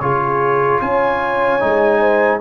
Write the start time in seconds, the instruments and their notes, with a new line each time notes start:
0.00 tuba C#3, trombone F4, horn G#4, trumpet C#5
0.81 tuba C#4, horn C#5, trumpet G#5
1.60 tuba G#3, trombone D#4
2.00 horn C5